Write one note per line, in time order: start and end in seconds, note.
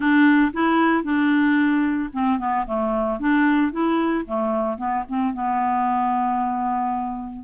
0.00 0.51 D4
0.53 1.03 E4
1.03 2.09 D4
2.12 2.38 C4
2.38 2.65 B3
2.66 3.19 A3
3.19 3.72 D4
3.72 4.25 E4
4.26 4.77 A3
4.77 5.04 B3
5.08 5.33 C4
5.33 7.44 B3